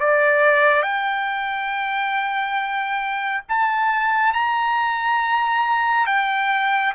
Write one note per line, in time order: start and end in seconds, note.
0.00 0.82 D5
0.82 3.43 G5
3.49 4.33 A5
4.33 6.06 A#5
6.06 6.93 G5